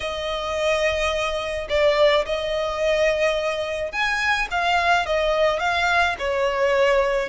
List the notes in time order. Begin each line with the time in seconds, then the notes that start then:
0.00 D#5
1.69 D5
2.25 D#5
3.92 G#5
4.50 F5
5.06 D#5
5.59 F5
6.18 C#5